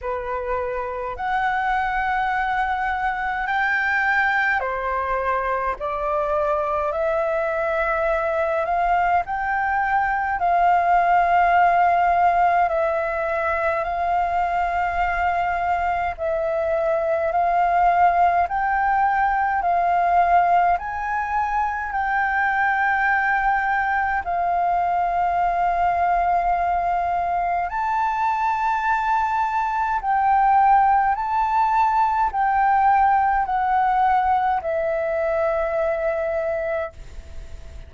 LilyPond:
\new Staff \with { instrumentName = "flute" } { \time 4/4 \tempo 4 = 52 b'4 fis''2 g''4 | c''4 d''4 e''4. f''8 | g''4 f''2 e''4 | f''2 e''4 f''4 |
g''4 f''4 gis''4 g''4~ | g''4 f''2. | a''2 g''4 a''4 | g''4 fis''4 e''2 | }